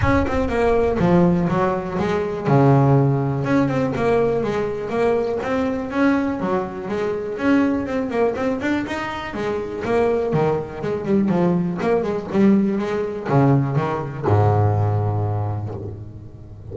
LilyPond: \new Staff \with { instrumentName = "double bass" } { \time 4/4 \tempo 4 = 122 cis'8 c'8 ais4 f4 fis4 | gis4 cis2 cis'8 c'8 | ais4 gis4 ais4 c'4 | cis'4 fis4 gis4 cis'4 |
c'8 ais8 c'8 d'8 dis'4 gis4 | ais4 dis4 gis8 g8 f4 | ais8 gis8 g4 gis4 cis4 | dis4 gis,2. | }